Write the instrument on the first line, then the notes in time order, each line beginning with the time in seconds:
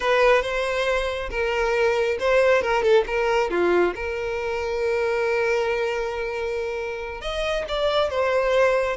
violin
0.00 B4
0.42 C5
1.30 A#4
2.19 C5
2.62 A#4
2.82 A4
3.06 A#4
3.50 F4
3.95 A#4
7.21 D#5
7.68 D5
8.10 C5